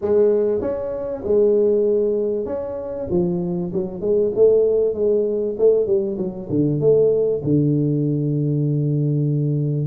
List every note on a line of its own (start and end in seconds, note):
0.01 0.61 G#3
0.61 1.23 C#4
1.23 2.45 G#3
2.45 3.07 C#4
3.10 3.72 F3
3.73 4.00 F#3
4.00 4.31 G#3
4.35 4.94 A3
4.94 5.56 G#3
5.58 5.86 A3
5.86 6.17 G3
6.17 6.48 F#3
6.49 6.80 D3
6.80 7.42 A3
7.44 9.87 D3